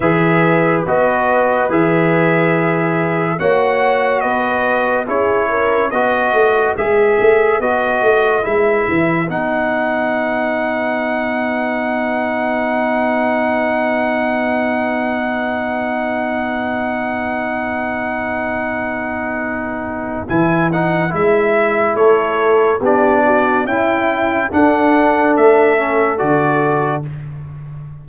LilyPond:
<<
  \new Staff \with { instrumentName = "trumpet" } { \time 4/4 \tempo 4 = 71 e''4 dis''4 e''2 | fis''4 dis''4 cis''4 dis''4 | e''4 dis''4 e''4 fis''4~ | fis''1~ |
fis''1~ | fis''1 | gis''8 fis''8 e''4 cis''4 d''4 | g''4 fis''4 e''4 d''4 | }
  \new Staff \with { instrumentName = "horn" } { \time 4/4 b'1 | cis''4 b'4 gis'8 ais'8 b'4~ | b'1~ | b'1~ |
b'1~ | b'1~ | b'2 a'4 g'8 fis'8 | e'4 a'2. | }
  \new Staff \with { instrumentName = "trombone" } { \time 4/4 gis'4 fis'4 gis'2 | fis'2 e'4 fis'4 | gis'4 fis'4 e'4 dis'4~ | dis'1~ |
dis'1~ | dis'1 | e'8 dis'8 e'2 d'4 | e'4 d'4. cis'8 fis'4 | }
  \new Staff \with { instrumentName = "tuba" } { \time 4/4 e4 b4 e2 | ais4 b4 cis'4 b8 a8 | gis8 a8 b8 a8 gis8 e8 b4~ | b1~ |
b1~ | b1 | e4 gis4 a4 b4 | cis'4 d'4 a4 d4 | }
>>